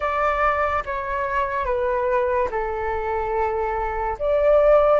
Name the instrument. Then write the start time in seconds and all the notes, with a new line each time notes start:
flute
0.00 D5
0.85 C#5
1.65 B4
2.50 A4
4.18 D5